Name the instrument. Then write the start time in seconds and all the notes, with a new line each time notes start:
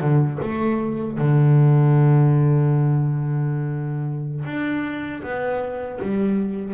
double bass
0.00 D3
0.42 A3
1.17 D3
4.45 D4
5.22 B3
6.01 G3